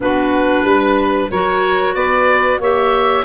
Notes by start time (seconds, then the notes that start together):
0.00 B3 D4 F#4 B4
0.63 G3 B4
1.29 F#3 F#4 A#4 C#5
1.94 B3 B4 D5
2.58 A#3 G4 C#5 E5